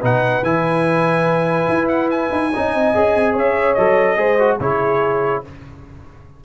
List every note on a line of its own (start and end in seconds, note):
0.00 0.43 B2
0.00 0.42 D#4
0.00 2.50 B4
0.00 0.43 F#5
0.43 1.68 E3
0.43 2.52 E4
0.43 1.88 G#5
1.68 2.30 E4
1.88 2.09 F#5
2.10 3.35 G#5
2.31 2.52 D#4
2.52 2.74 C#4
2.52 2.94 D#4
2.52 3.33 D#5
2.74 2.95 C4
2.94 3.15 C#4
2.94 3.77 G#4
3.15 3.35 C4
3.33 3.76 C#4
3.33 4.16 C#5
3.33 3.74 E5
3.74 4.17 F#3
3.74 4.17 A4
3.74 4.57 D#5
4.17 4.58 G#3
4.17 4.37 G#4
4.17 4.59 C5
4.39 4.60 F#4
4.59 5.43 C#3
4.59 5.44 E4
4.59 5.43 G#4
4.59 5.43 C#5